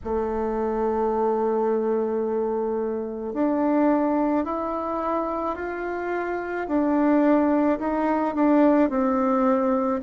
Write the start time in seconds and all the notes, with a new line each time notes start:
0.03 A3
3.33 D4
4.44 E4
5.55 F4
6.67 D4
7.79 D#4
8.34 D4
8.89 C4